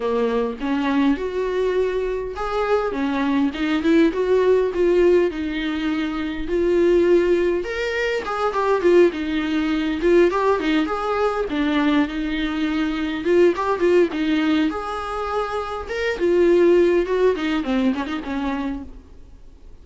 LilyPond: \new Staff \with { instrumentName = "viola" } { \time 4/4 \tempo 4 = 102 ais4 cis'4 fis'2 | gis'4 cis'4 dis'8 e'8 fis'4 | f'4 dis'2 f'4~ | f'4 ais'4 gis'8 g'8 f'8 dis'8~ |
dis'4 f'8 g'8 dis'8 gis'4 d'8~ | d'8 dis'2 f'8 g'8 f'8 | dis'4 gis'2 ais'8 f'8~ | f'4 fis'8 dis'8 c'8 cis'16 dis'16 cis'4 | }